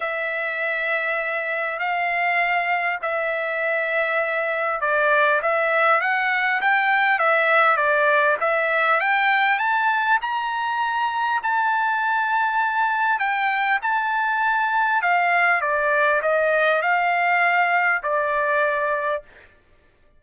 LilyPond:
\new Staff \with { instrumentName = "trumpet" } { \time 4/4 \tempo 4 = 100 e''2. f''4~ | f''4 e''2. | d''4 e''4 fis''4 g''4 | e''4 d''4 e''4 g''4 |
a''4 ais''2 a''4~ | a''2 g''4 a''4~ | a''4 f''4 d''4 dis''4 | f''2 d''2 | }